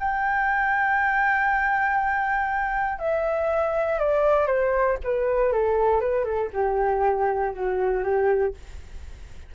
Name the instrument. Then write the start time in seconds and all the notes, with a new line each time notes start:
flute
0.00 G5
2.99 E5
4.00 D5
4.47 C5
5.04 B4
5.53 A4
6.01 B4
6.25 A4
6.53 G4
7.54 F#4
8.04 G4